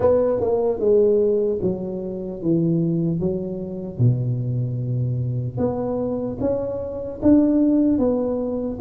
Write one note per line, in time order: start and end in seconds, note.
0.00 0.40 B3
0.40 0.79 A#3
0.79 1.59 G#3
1.61 2.41 F#3
2.42 3.20 E3
3.20 3.98 F#3
3.98 5.57 B2
5.57 6.37 B3
6.40 7.20 C#4
7.22 7.98 D4
7.98 8.78 B3